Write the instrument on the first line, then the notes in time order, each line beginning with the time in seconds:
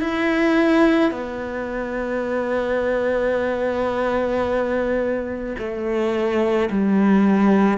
cello
0.00 E4
1.11 B3
5.58 A3
6.70 G3